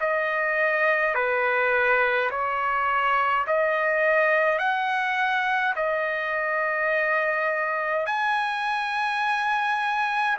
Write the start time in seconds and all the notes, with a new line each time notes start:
0.00 D#5
1.14 B4
2.30 C#5
3.47 D#5
4.58 F#5
5.75 D#5
8.06 G#5